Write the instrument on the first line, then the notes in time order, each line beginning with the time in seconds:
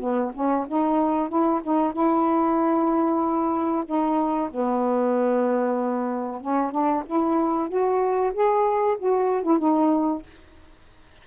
saxophone
0.00 B3
0.34 C#4
0.68 D#4
1.29 E4
1.63 D#4
1.93 E4
3.86 D#4
4.51 B3
6.41 C#4
6.71 D4
7.06 E4
7.69 F#4
8.34 G#4
8.99 F#4
9.43 E4
9.59 D#4